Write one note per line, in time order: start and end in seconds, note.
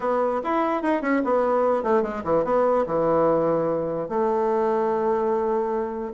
0.00 0.41 B3
0.43 0.82 E4
0.82 1.01 D#4
1.01 1.22 C#4
1.24 1.83 B3
1.83 2.02 A3
2.02 2.22 G#3
2.24 2.44 E3
2.44 2.85 B3
2.86 4.08 E3
4.08 6.12 A3